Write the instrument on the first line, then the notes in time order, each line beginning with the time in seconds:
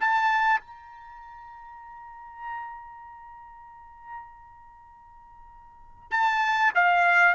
trumpet
0.00 A5
0.61 A#5
6.11 A5
6.75 F5